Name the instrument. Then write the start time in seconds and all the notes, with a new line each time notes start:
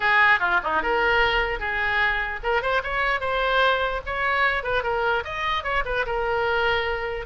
oboe
0.00 G#4
0.39 F4
0.63 D#4
0.82 A#4
1.59 G#4
2.43 A#4
2.62 C5
2.83 C#5
3.20 C5
4.06 C#5
4.63 B4
4.83 A#4
5.24 D#5
5.63 C#5
5.85 B4
6.06 A#4